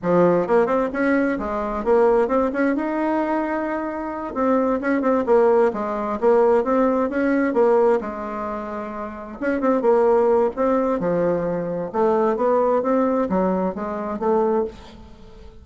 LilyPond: \new Staff \with { instrumentName = "bassoon" } { \time 4/4 \tempo 4 = 131 f4 ais8 c'8 cis'4 gis4 | ais4 c'8 cis'8 dis'2~ | dis'4. c'4 cis'8 c'8 ais8~ | ais8 gis4 ais4 c'4 cis'8~ |
cis'8 ais4 gis2~ gis8~ | gis8 cis'8 c'8 ais4. c'4 | f2 a4 b4 | c'4 fis4 gis4 a4 | }